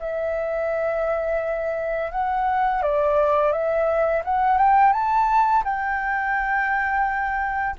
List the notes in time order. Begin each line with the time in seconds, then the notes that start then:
0.00 E5
2.12 F#5
2.82 D5
3.52 E5
4.25 F#5
4.58 G5
4.93 A5
5.64 G5